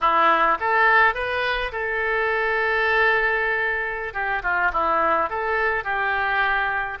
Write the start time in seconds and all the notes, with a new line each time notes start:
0.01 E4
0.59 A4
1.14 B4
1.71 A4
4.13 G4
4.43 F4
4.72 E4
5.29 A4
5.84 G4